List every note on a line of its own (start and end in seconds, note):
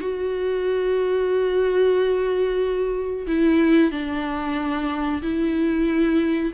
0.00 3.26 F#4
3.27 3.91 E4
3.91 5.22 D4
5.22 6.52 E4